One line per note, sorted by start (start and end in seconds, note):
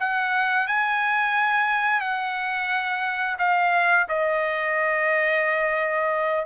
0.00 0.68 F#5
0.68 2.01 G#5
2.01 3.37 F#5
3.39 4.07 F5
4.08 6.46 D#5